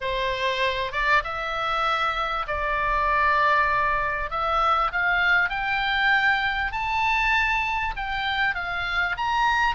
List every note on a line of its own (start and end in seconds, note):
0.00 0.92 C5
0.92 1.22 D5
1.24 2.46 E5
2.47 4.30 D5
4.30 4.91 E5
4.91 5.49 F5
5.49 6.72 G5
6.72 7.94 A5
7.96 8.54 G5
8.54 9.16 F5
9.17 9.75 A#5